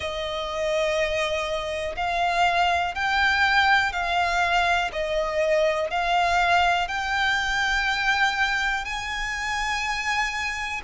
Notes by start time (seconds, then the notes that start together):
0.00 D#5
1.96 F5
2.95 G5
3.92 F5
4.92 D#5
5.90 F5
6.88 G5
8.84 G#5